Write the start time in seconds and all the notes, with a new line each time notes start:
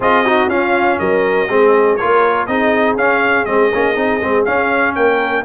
0.00 C4 F4 G#4 D#5
0.24 D#4 F#4
0.47 C#4 F4 F5
0.99 F#3 A#4 D#5
1.48 G#3 C4 G#4
1.96 F4 A#4 C#5
2.02 A#3
2.46 C4 D#4 G#4 D#5
2.96 C#4 F5
3.45 G#3 C4 D#5
3.73 A#3 C#4
3.95 C4 D#4
4.21 G#3 C4
4.45 C#4 F5
4.95 A#3 A#4 G5